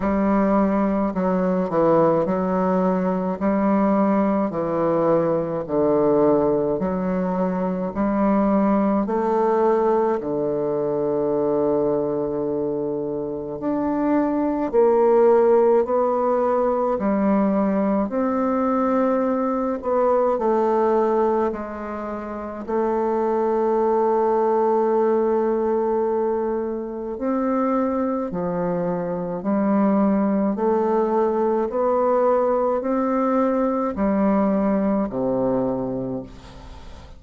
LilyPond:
\new Staff \with { instrumentName = "bassoon" } { \time 4/4 \tempo 4 = 53 g4 fis8 e8 fis4 g4 | e4 d4 fis4 g4 | a4 d2. | d'4 ais4 b4 g4 |
c'4. b8 a4 gis4 | a1 | c'4 f4 g4 a4 | b4 c'4 g4 c4 | }